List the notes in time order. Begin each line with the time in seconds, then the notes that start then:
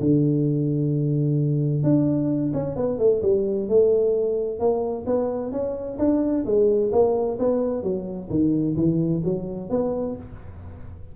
0.00 D3
1.83 D4
2.53 C#4
2.76 B3
2.99 A3
3.22 G3
3.68 A3
4.59 A#3
5.06 B3
5.52 C#4
5.99 D4
6.45 G#3
6.92 A#3
7.39 B3
7.83 F#3
8.30 D#3
8.76 E3
9.24 F#3
9.69 B3